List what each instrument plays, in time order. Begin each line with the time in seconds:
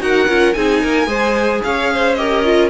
0.00 cello D#4, viola F#4, violin A#4 F#5
0.28 cello C#4, viola F4
0.53 cello C4, viola D#4, violin G#4 G#5
0.82 cello A#3, violin A#4
1.06 cello G#3, viola G#4, violin C5
1.63 cello C#4, violin C#5 F5
1.93 violin C5
2.14 viola G4, violin A#4 D#5
2.44 viola F4